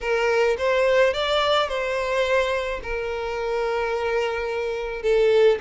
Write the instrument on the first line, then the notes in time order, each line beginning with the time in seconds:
violin
0.00 A#4
0.58 C5
1.13 D5
1.68 C5
2.83 A#4
5.02 A4